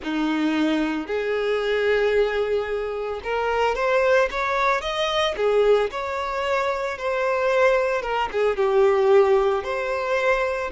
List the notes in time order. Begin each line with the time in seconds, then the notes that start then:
0.03 D#4
1.06 G#4
3.23 A#4
3.75 C5
4.31 C#5
4.81 D#5
5.36 G#4
5.91 C#5
6.97 C5
8.02 A#4
8.31 G#4
8.56 G4
9.63 C5